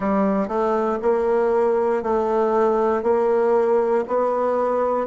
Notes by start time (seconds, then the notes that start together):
0.00 G3
0.48 A3
1.02 A#3
2.02 A3
3.02 A#3
4.07 B3